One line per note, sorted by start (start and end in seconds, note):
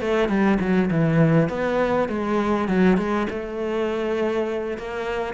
0.00 0.28 A3
0.28 0.58 G3
0.60 0.89 F#3
0.90 1.49 E3
1.49 2.08 B3
2.08 2.68 G#3
2.68 2.97 F#3
2.97 3.26 G#3
3.29 4.77 A3
4.77 5.34 A#3